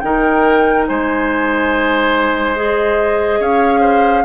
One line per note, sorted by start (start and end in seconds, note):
0.00 0.88 D#3
0.00 2.56 D#4
0.00 0.88 A#4
0.00 0.85 G5
0.88 3.40 G#3
0.88 3.40 C5
0.88 2.57 G#5
2.56 4.25 G#4
2.56 3.42 D#5
3.40 4.25 C#4
3.40 3.80 C#5
3.40 4.25 F5
3.80 4.23 C5